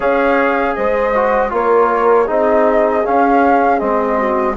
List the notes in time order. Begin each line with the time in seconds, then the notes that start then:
0.00 C#4 G#4 C#5 F5
0.74 G#3 C5 D#5
1.14 F#4
1.49 A#3 F4 A#4 C#5
2.26 C4 D#4 G#4 D#5
3.05 C#4 F5
3.79 G#3 C4 D#5
4.17 F#4